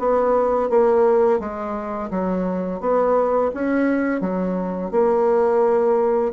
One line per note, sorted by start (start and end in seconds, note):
0.00 0.70 B3
0.70 1.40 A#3
1.40 2.11 G#3
2.11 2.81 F#3
2.81 3.52 B3
3.55 4.21 C#4
4.21 4.92 F#3
4.92 6.33 A#3